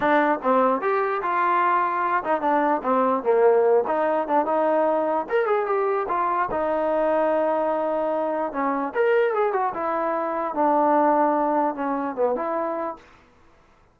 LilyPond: \new Staff \with { instrumentName = "trombone" } { \time 4/4 \tempo 4 = 148 d'4 c'4 g'4 f'4~ | f'4. dis'8 d'4 c'4 | ais4. dis'4 d'8 dis'4~ | dis'4 ais'8 gis'8 g'4 f'4 |
dis'1~ | dis'4 cis'4 ais'4 gis'8 fis'8 | e'2 d'2~ | d'4 cis'4 b8 e'4. | }